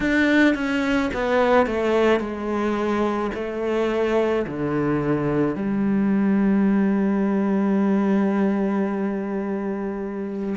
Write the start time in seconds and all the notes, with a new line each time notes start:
0.00 D4
0.55 C#4
1.13 B3
1.66 A3
2.19 G#3
3.34 A3
4.46 D3
5.55 G3